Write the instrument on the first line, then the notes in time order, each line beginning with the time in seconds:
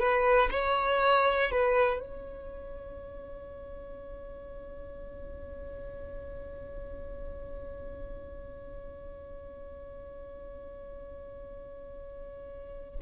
violin
0.00 B4
0.51 C#5
1.51 B4
2.00 C#5